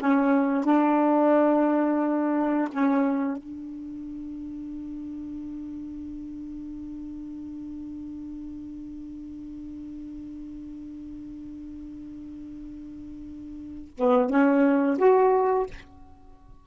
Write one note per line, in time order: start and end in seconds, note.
0.00 0.64 C#4
0.64 2.69 D4
2.72 3.37 C#4
3.37 13.94 D4
13.97 14.30 B3
14.30 14.98 C#4
14.98 15.66 F#4